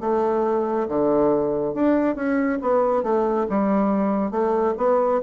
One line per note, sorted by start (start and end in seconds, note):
0.00 0.87 A3
0.88 1.74 D3
1.74 2.15 D4
2.15 2.58 C#4
2.61 3.03 B3
3.03 3.46 A3
3.49 4.30 G3
4.30 4.74 A3
4.77 5.21 B3